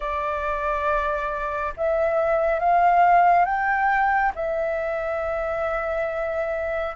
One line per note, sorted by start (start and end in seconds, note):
0.00 1.73 D5
1.76 2.59 E5
2.59 3.45 F5
3.45 4.32 G5
4.35 6.95 E5